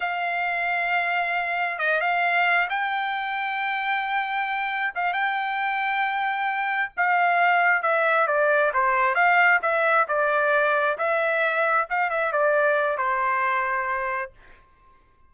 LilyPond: \new Staff \with { instrumentName = "trumpet" } { \time 4/4 \tempo 4 = 134 f''1 | dis''8 f''4. g''2~ | g''2. f''8 g''8~ | g''2.~ g''8 f''8~ |
f''4. e''4 d''4 c''8~ | c''8 f''4 e''4 d''4.~ | d''8 e''2 f''8 e''8 d''8~ | d''4 c''2. | }